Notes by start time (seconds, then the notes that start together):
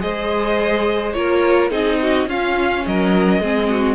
0.00 G#3 G#4 C5 D#5
1.13 A#3 F4 A#4 C#5
1.71 C4 D#4 G#4 D#5
2.02 F#4
2.28 C#4 F4 F5
2.87 F#3 A#4 D#5
3.40 G#3 C4 G#4
3.70 F#4